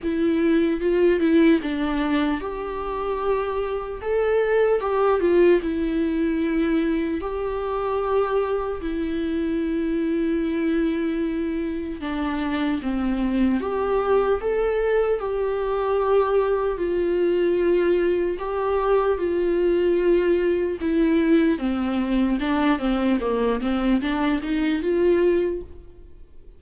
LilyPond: \new Staff \with { instrumentName = "viola" } { \time 4/4 \tempo 4 = 75 e'4 f'8 e'8 d'4 g'4~ | g'4 a'4 g'8 f'8 e'4~ | e'4 g'2 e'4~ | e'2. d'4 |
c'4 g'4 a'4 g'4~ | g'4 f'2 g'4 | f'2 e'4 c'4 | d'8 c'8 ais8 c'8 d'8 dis'8 f'4 | }